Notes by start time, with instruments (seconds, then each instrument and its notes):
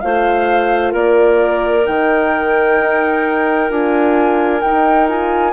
0.00 bassoon A3, horn F4, clarinet C5, flute F5
0.92 bassoon A#3, clarinet A#4, flute D5
1.85 bassoon D#3, horn D#4, flute G5
2.80 bassoon D#4
3.69 bassoon D4, horn F4, flute G#5
4.61 horn D#4, bassoon D#4, flute G5
5.08 horn F4, flute G#5